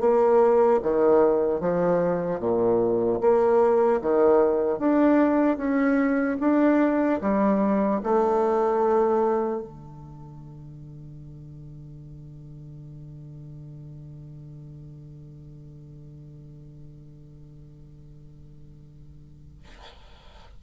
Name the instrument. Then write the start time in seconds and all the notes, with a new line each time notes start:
bassoon
0.00 A#3
0.82 D#3
1.60 F3
2.39 A#2
3.21 A#3
4.01 D#3
4.79 D4
5.57 C#4
6.40 D4
7.21 G3
8.03 A3
9.62 D3